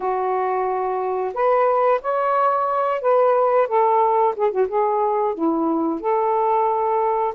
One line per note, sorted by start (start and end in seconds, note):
0.00 1.33 F#4
1.34 2.00 B4
2.02 3.01 C#5
3.01 3.67 B4
3.67 4.34 A4
4.36 4.51 G#4
4.51 4.67 F#4
4.68 5.34 G#4
5.34 6.00 E4
6.00 7.33 A4